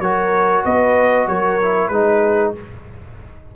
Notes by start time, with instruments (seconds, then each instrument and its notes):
0.00 tuba F#3, trombone F#4, horn A#4, trumpet C#5
0.65 tuba B3, horn B4, trumpet D#5
1.27 tuba F#3, horn A#4, trumpet C#5
1.62 trombone E4
1.88 tuba G#3, trombone D#4, horn G#4, trumpet B4